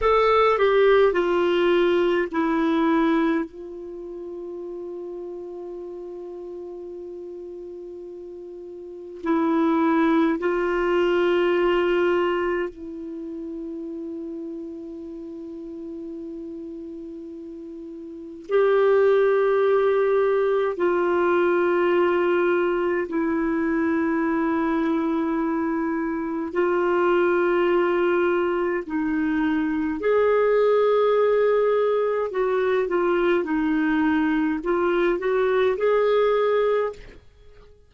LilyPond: \new Staff \with { instrumentName = "clarinet" } { \time 4/4 \tempo 4 = 52 a'8 g'8 f'4 e'4 f'4~ | f'1 | e'4 f'2 e'4~ | e'1 |
g'2 f'2 | e'2. f'4~ | f'4 dis'4 gis'2 | fis'8 f'8 dis'4 f'8 fis'8 gis'4 | }